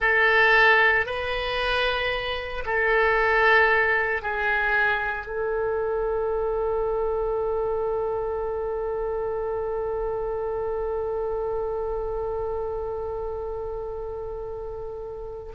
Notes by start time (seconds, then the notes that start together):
0.00 A4
1.06 B4
2.65 A4
4.22 G#4
5.26 A4